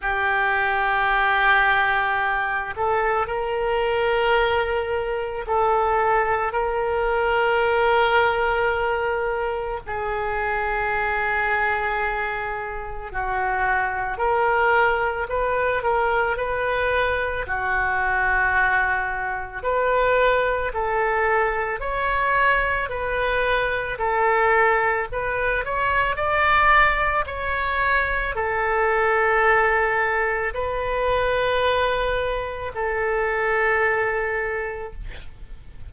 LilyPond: \new Staff \with { instrumentName = "oboe" } { \time 4/4 \tempo 4 = 55 g'2~ g'8 a'8 ais'4~ | ais'4 a'4 ais'2~ | ais'4 gis'2. | fis'4 ais'4 b'8 ais'8 b'4 |
fis'2 b'4 a'4 | cis''4 b'4 a'4 b'8 cis''8 | d''4 cis''4 a'2 | b'2 a'2 | }